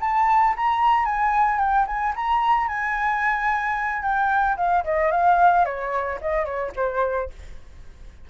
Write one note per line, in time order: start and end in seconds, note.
0.00 0.54 A5
0.56 1.05 A#5
1.05 1.58 G#5
1.58 1.86 G5
1.86 2.13 G#5
2.15 2.68 A#5
2.68 4.02 G#5
4.02 4.56 G5
4.57 4.84 F5
4.84 5.11 D#5
5.11 5.65 F5
5.65 6.19 C#5
6.21 6.45 D#5
6.45 6.72 C#5
6.76 7.30 C5